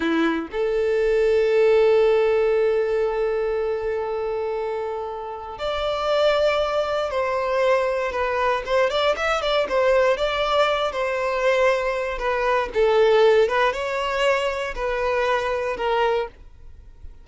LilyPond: \new Staff \with { instrumentName = "violin" } { \time 4/4 \tempo 4 = 118 e'4 a'2.~ | a'1~ | a'2. d''4~ | d''2 c''2 |
b'4 c''8 d''8 e''8 d''8 c''4 | d''4. c''2~ c''8 | b'4 a'4. b'8 cis''4~ | cis''4 b'2 ais'4 | }